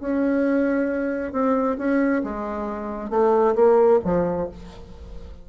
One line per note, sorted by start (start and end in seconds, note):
0.00 1.32 C#4
1.32 1.77 C4
1.78 2.22 C#4
2.23 3.10 G#3
3.10 3.54 A3
3.55 3.99 A#3
4.04 4.48 F3